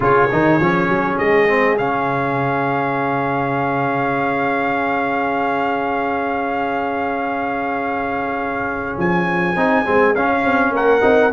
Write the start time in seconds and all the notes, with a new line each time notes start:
0.00 C#3 F4 G#4 C#5
0.32 D#3 D#4
0.60 F3 C#4
0.88 F#3
1.18 G#3 D#5
1.47 C4
1.77 C#3 C#4 F5
8.97 F3 G#5
9.55 C4 D#4
9.85 G#3 C4
10.15 C#4 F5
10.44 C4
10.71 A#3 A#4 F#5
11.00 C4 D#4